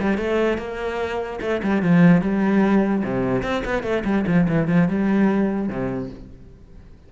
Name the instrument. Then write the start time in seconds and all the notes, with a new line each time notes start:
cello
0.00 G3
0.18 A3
0.58 A#3
1.41 A3
1.63 G3
1.82 F3
2.22 G3
3.04 C3
3.43 C4
3.65 B3
3.83 A3
4.05 G3
4.27 F3
4.49 E3
4.68 F3
4.89 G3
5.69 C3